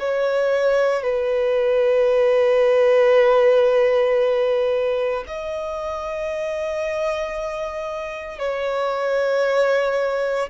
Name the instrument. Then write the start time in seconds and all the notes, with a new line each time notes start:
violin
0.00 C#5
1.03 B4
5.28 D#5
8.39 C#5